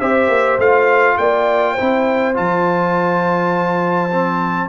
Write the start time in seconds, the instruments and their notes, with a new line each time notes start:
0.00 tuba C4, trombone G4, horn C5, trumpet E5
0.29 tuba A#3
0.59 tuba A3, trombone F4, trumpet F5
1.18 tuba A#3, horn D5, trumpet G5
1.74 trombone E4, horn C5
1.81 tuba C4
2.35 tuba F3, trombone F4, trumpet A5
4.12 trombone C4